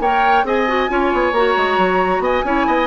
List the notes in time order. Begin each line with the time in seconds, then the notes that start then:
0.00 A#3 A#4 C#5 G5
0.44 C4 G#4 D#5 G#5
0.68 F#4
0.89 C#4 F4 C#5
1.13 B3
1.33 A#3 F#4 A#5
1.57 G#3
1.78 F#3
2.20 B3 D#5 G#5
2.45 C#4 E4 C#5
2.67 B3 D#5